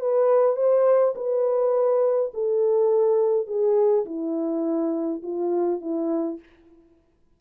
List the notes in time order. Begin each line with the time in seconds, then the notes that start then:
0.00 B4
0.56 C5
1.15 B4
2.34 A4
3.47 G#4
4.05 E4
5.23 F4
5.81 E4